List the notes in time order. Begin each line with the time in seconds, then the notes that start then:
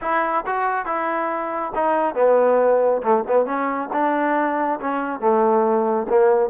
0.01 E4
0.46 F#4
0.85 E4
1.74 D#4
2.15 B3
3.02 A3
3.27 B3
3.45 C#4
3.92 D4
4.80 C#4
5.20 A3
6.09 A#3